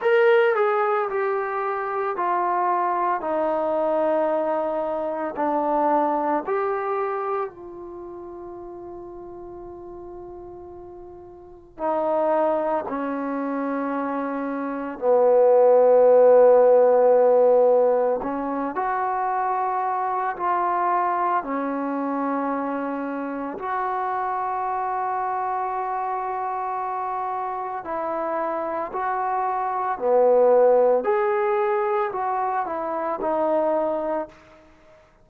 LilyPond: \new Staff \with { instrumentName = "trombone" } { \time 4/4 \tempo 4 = 56 ais'8 gis'8 g'4 f'4 dis'4~ | dis'4 d'4 g'4 f'4~ | f'2. dis'4 | cis'2 b2~ |
b4 cis'8 fis'4. f'4 | cis'2 fis'2~ | fis'2 e'4 fis'4 | b4 gis'4 fis'8 e'8 dis'4 | }